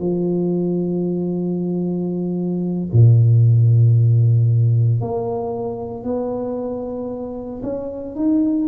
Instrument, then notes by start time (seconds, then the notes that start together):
tuba
0.00 F3
2.93 A#2
5.01 A#3
6.04 B3
7.63 C#4
8.16 D#4